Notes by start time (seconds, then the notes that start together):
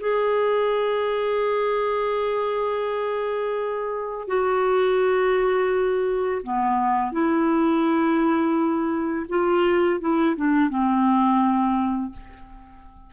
0.00 G#4
4.27 F#4
6.43 B3
7.12 E4
9.29 F4
10.00 E4
10.36 D4
10.69 C4